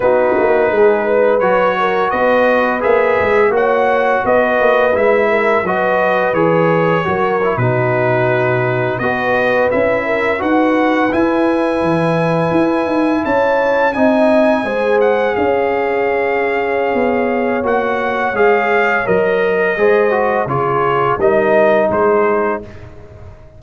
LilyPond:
<<
  \new Staff \with { instrumentName = "trumpet" } { \time 4/4 \tempo 4 = 85 b'2 cis''4 dis''4 | e''4 fis''4 dis''4 e''4 | dis''4 cis''4.~ cis''16 b'4~ b'16~ | b'8. dis''4 e''4 fis''4 gis''16~ |
gis''2~ gis''8. a''4 gis''16~ | gis''4~ gis''16 fis''8 f''2~ f''16~ | f''4 fis''4 f''4 dis''4~ | dis''4 cis''4 dis''4 c''4 | }
  \new Staff \with { instrumentName = "horn" } { \time 4/4 fis'4 gis'8 b'4 ais'8 b'4~ | b'4 cis''4 b'4. ais'8 | b'2 ais'8. fis'4~ fis'16~ | fis'8. b'4. ais'8 b'4~ b'16~ |
b'2~ b'8. cis''4 dis''16~ | dis''8. c''4 cis''2~ cis''16~ | cis''1 | c''4 gis'4 ais'4 gis'4 | }
  \new Staff \with { instrumentName = "trombone" } { \time 4/4 dis'2 fis'2 | gis'4 fis'2 e'4 | fis'4 gis'4 fis'8 e'16 dis'4~ dis'16~ | dis'8. fis'4 e'4 fis'4 e'16~ |
e'2.~ e'8. dis'16~ | dis'8. gis'2.~ gis'16~ | gis'4 fis'4 gis'4 ais'4 | gis'8 fis'8 f'4 dis'2 | }
  \new Staff \with { instrumentName = "tuba" } { \time 4/4 b8 ais8 gis4 fis4 b4 | ais8 gis8 ais4 b8 ais8 gis4 | fis4 e4 fis8. b,4~ b,16~ | b,8. b4 cis'4 dis'4 e'16~ |
e'8. e4 e'8 dis'8 cis'4 c'16~ | c'8. gis4 cis'2~ cis'16 | b4 ais4 gis4 fis4 | gis4 cis4 g4 gis4 | }
>>